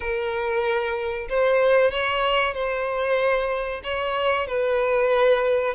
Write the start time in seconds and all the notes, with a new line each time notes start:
0.00 A#4
1.29 C5
1.91 C#5
2.54 C5
3.83 C#5
4.47 B4